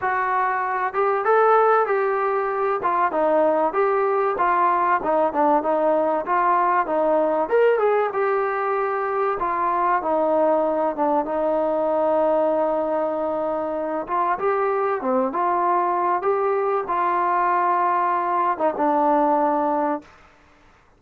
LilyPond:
\new Staff \with { instrumentName = "trombone" } { \time 4/4 \tempo 4 = 96 fis'4. g'8 a'4 g'4~ | g'8 f'8 dis'4 g'4 f'4 | dis'8 d'8 dis'4 f'4 dis'4 | ais'8 gis'8 g'2 f'4 |
dis'4. d'8 dis'2~ | dis'2~ dis'8 f'8 g'4 | c'8 f'4. g'4 f'4~ | f'4.~ f'16 dis'16 d'2 | }